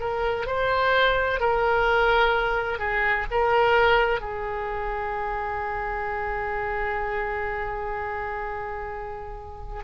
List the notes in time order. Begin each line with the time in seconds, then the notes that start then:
0.00 A#4
0.46 C5
1.40 A#4
2.79 G#4
3.31 A#4
4.21 G#4